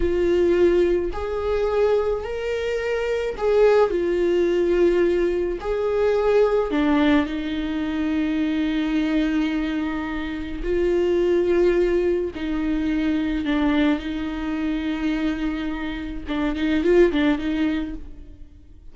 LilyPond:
\new Staff \with { instrumentName = "viola" } { \time 4/4 \tempo 4 = 107 f'2 gis'2 | ais'2 gis'4 f'4~ | f'2 gis'2 | d'4 dis'2.~ |
dis'2. f'4~ | f'2 dis'2 | d'4 dis'2.~ | dis'4 d'8 dis'8 f'8 d'8 dis'4 | }